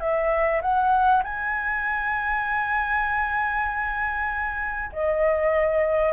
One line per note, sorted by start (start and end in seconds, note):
0.00 0.61 E5
0.62 1.23 F#5
1.24 4.91 G#5
4.92 6.12 D#5